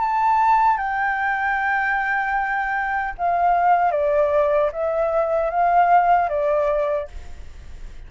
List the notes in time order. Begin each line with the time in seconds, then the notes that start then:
0.00 A5
0.77 G5
3.18 F5
3.91 D5
4.72 E5
5.50 F5
6.29 D5